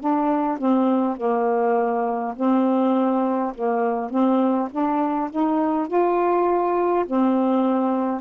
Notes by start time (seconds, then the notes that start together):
0.00 D4
0.58 C4
1.17 A#3
2.35 C4
3.55 A#3
4.10 C4
4.71 D4
5.30 D#4
5.88 F4
7.06 C4